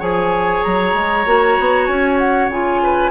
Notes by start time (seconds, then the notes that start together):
0.00 F3 G#4 C#5 G#5
0.63 F#3 A#5
0.94 G#3
1.26 A#3 F#4
1.60 B3
1.86 C#4 G#5
2.18 F#5
2.49 C#3 F4 G#5
2.83 B4